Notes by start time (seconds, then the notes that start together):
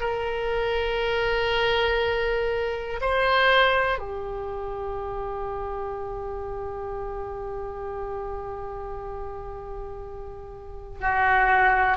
0.00 A#4
3.01 C5
3.98 G4
11.00 F#4